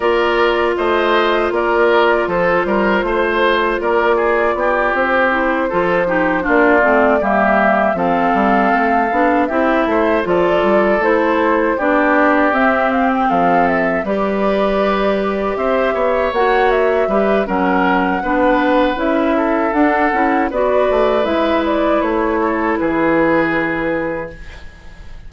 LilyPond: <<
  \new Staff \with { instrumentName = "flute" } { \time 4/4 \tempo 4 = 79 d''4 dis''4 d''4 c''4~ | c''4 d''4. c''4.~ | c''8 d''4 e''4 f''4.~ | f''8 e''4 d''4 c''4 d''8~ |
d''8 e''8 f''16 g''16 f''8 e''8 d''4.~ | d''8 e''4 fis''8 e''4 fis''4~ | fis''4 e''4 fis''4 d''4 | e''8 d''8 cis''4 b'2 | }
  \new Staff \with { instrumentName = "oboe" } { \time 4/4 ais'4 c''4 ais'4 a'8 ais'8 | c''4 ais'8 gis'8 g'4. a'8 | g'8 f'4 g'4 a'4.~ | a'8 g'8 c''8 a'2 g'8~ |
g'4. a'4 b'4.~ | b'8 c''8 cis''4. b'8 ais'4 | b'4. a'4. b'4~ | b'4. a'8 gis'2 | }
  \new Staff \with { instrumentName = "clarinet" } { \time 4/4 f'1~ | f'2. e'8 f'8 | dis'8 d'8 c'8 ais4 c'4. | d'8 e'4 f'4 e'4 d'8~ |
d'8 c'2 g'4.~ | g'4. fis'4 g'8 cis'4 | d'4 e'4 d'8 e'8 fis'4 | e'1 | }
  \new Staff \with { instrumentName = "bassoon" } { \time 4/4 ais4 a4 ais4 f8 g8 | a4 ais4 b8 c'4 f8~ | f8 ais8 a8 g4 f8 g8 a8 | b8 c'8 a8 f8 g8 a4 b8~ |
b8 c'4 f4 g4.~ | g8 c'8 b8 ais4 g8 fis4 | b4 cis'4 d'8 cis'8 b8 a8 | gis4 a4 e2 | }
>>